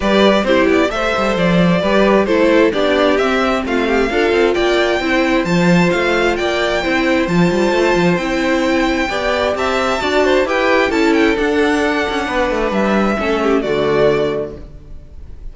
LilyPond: <<
  \new Staff \with { instrumentName = "violin" } { \time 4/4 \tempo 4 = 132 d''4 c''8 d''8 e''4 d''4~ | d''4 c''4 d''4 e''4 | f''2 g''2 | a''4 f''4 g''2 |
a''2 g''2~ | g''4 a''2 g''4 | a''8 g''8 fis''2. | e''2 d''2 | }
  \new Staff \with { instrumentName = "violin" } { \time 4/4 b'4 g'4 c''2 | b'4 a'4 g'2 | f'8 g'8 a'4 d''4 c''4~ | c''2 d''4 c''4~ |
c''1 | d''4 e''4 d''8 c''8 b'4 | a'2. b'4~ | b'4 a'8 g'8 fis'2 | }
  \new Staff \with { instrumentName = "viola" } { \time 4/4 g'4 e'4 a'2 | g'4 e'4 d'4 c'4~ | c'4 f'2 e'4 | f'2. e'4 |
f'2 e'2 | g'2 fis'4 g'4 | e'4 d'2.~ | d'4 cis'4 a2 | }
  \new Staff \with { instrumentName = "cello" } { \time 4/4 g4 c'8 b8 a8 g8 f4 | g4 a4 b4 c'4 | a4 d'8 c'8 ais4 c'4 | f4 a4 ais4 c'4 |
f8 g8 a8 f8 c'2 | b4 c'4 d'4 e'4 | cis'4 d'4. cis'8 b8 a8 | g4 a4 d2 | }
>>